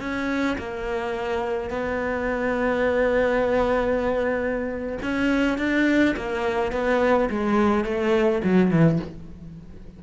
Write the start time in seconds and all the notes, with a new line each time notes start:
0.00 C#4
0.58 A#3
1.70 B3
5.03 C#4
5.58 D4
6.17 A#3
6.72 B3
7.30 G#3
7.85 A3
8.44 F#3
8.71 E3